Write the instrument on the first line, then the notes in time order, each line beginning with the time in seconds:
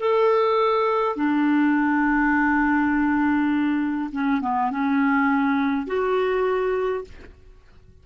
clarinet
0.00 A4
1.17 D4
4.12 C#4
4.42 B3
4.71 C#4
5.87 F#4